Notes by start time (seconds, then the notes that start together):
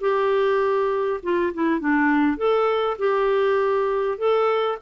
0.00 G4
1.22 F4
1.53 E4
1.80 D4
2.37 A4
2.98 G4
4.18 A4